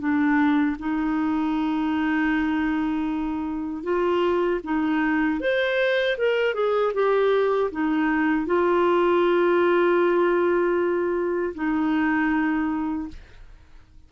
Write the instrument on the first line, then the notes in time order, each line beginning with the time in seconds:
clarinet
0.00 D4
0.79 D#4
3.84 F4
4.64 D#4
5.41 C5
6.18 A#4
6.55 G#4
6.94 G4
7.72 D#4
8.47 F4
11.55 D#4